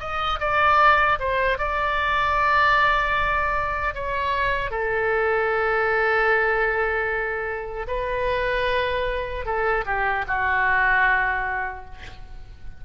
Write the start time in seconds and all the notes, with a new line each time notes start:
0.00 D#5
0.40 D5
1.19 C5
1.59 D5
3.95 C#5
4.71 A4
7.88 B4
9.45 A4
9.86 G4
10.27 F#4